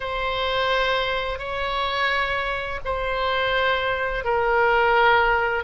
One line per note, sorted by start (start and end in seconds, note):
0.00 1.38 C5
1.38 2.79 C#5
2.84 4.24 C5
4.24 5.63 A#4